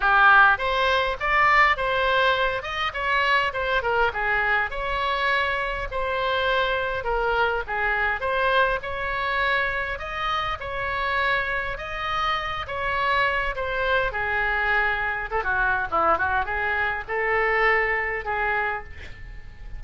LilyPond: \new Staff \with { instrumentName = "oboe" } { \time 4/4 \tempo 4 = 102 g'4 c''4 d''4 c''4~ | c''8 dis''8 cis''4 c''8 ais'8 gis'4 | cis''2 c''2 | ais'4 gis'4 c''4 cis''4~ |
cis''4 dis''4 cis''2 | dis''4. cis''4. c''4 | gis'2 a'16 fis'8. e'8 fis'8 | gis'4 a'2 gis'4 | }